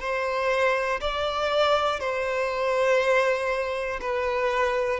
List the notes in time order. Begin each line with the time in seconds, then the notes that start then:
0.00 C5
1.01 D5
2.00 C5
4.01 B4